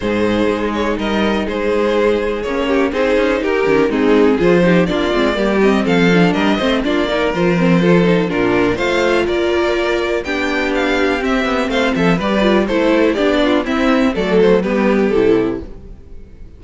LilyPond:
<<
  \new Staff \with { instrumentName = "violin" } { \time 4/4 \tempo 4 = 123 c''4. cis''8 dis''4 c''4~ | c''4 cis''4 c''4 ais'4 | gis'4 c''4 d''4. dis''8 | f''4 dis''4 d''4 c''4~ |
c''4 ais'4 f''4 d''4~ | d''4 g''4 f''4 e''4 | f''8 e''8 d''4 c''4 d''4 | e''4 d''8 c''8 b'4 a'4 | }
  \new Staff \with { instrumentName = "violin" } { \time 4/4 gis'2 ais'4 gis'4~ | gis'4. g'8 gis'4 g'4 | dis'4 gis'8 g'8 f'4 g'4 | a'4 ais'8 c''8 f'8 ais'4. |
a'4 f'4 c''4 ais'4~ | ais'4 g'2. | c''8 a'8 b'4 a'4 g'8 f'8 | e'4 a'4 g'2 | }
  \new Staff \with { instrumentName = "viola" } { \time 4/4 dis'1~ | dis'4 cis'4 dis'4. cis'8 | c'4 f'8 dis'8 d'8 c'8 ais8 c'8~ | c'8 d'4 c'8 d'8 dis'8 f'8 c'8 |
f'8 dis'8 d'4 f'2~ | f'4 d'2 c'4~ | c'4 g'8 f'8 e'4 d'4 | c'4 a4 b4 e'4 | }
  \new Staff \with { instrumentName = "cello" } { \time 4/4 gis,4 gis4 g4 gis4~ | gis4 ais4 c'8 cis'8 dis'8 dis8 | gis4 f4 ais8 gis8 g4 | f4 g8 a8 ais4 f4~ |
f4 ais,4 a4 ais4~ | ais4 b2 c'8 b8 | a8 f8 g4 a4 b4 | c'4 fis4 g4 c4 | }
>>